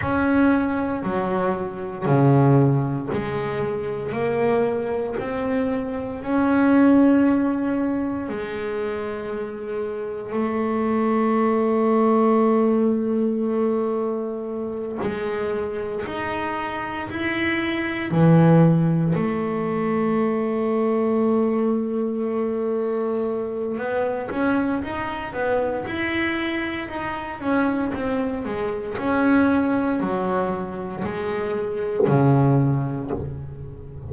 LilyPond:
\new Staff \with { instrumentName = "double bass" } { \time 4/4 \tempo 4 = 58 cis'4 fis4 cis4 gis4 | ais4 c'4 cis'2 | gis2 a2~ | a2~ a8 gis4 dis'8~ |
dis'8 e'4 e4 a4.~ | a2. b8 cis'8 | dis'8 b8 e'4 dis'8 cis'8 c'8 gis8 | cis'4 fis4 gis4 cis4 | }